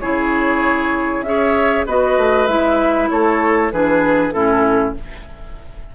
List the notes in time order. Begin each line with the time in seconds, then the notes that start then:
0.00 C#3 E4 G#4 C#5
1.22 C#4 G#4 E5
1.28 C#5
1.86 B3 F#4 B4 D#5
2.18 A3
2.47 G#3 E4 E5
3.10 A3 A4 C#5
3.72 E3 D4 G#4 B4
4.32 A2 C#4 E4 A4